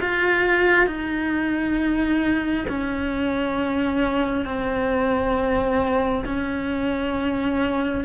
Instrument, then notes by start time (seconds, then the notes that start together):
cello
0.00 F4
0.86 D#4
2.68 C#4
4.45 C4
6.25 C#4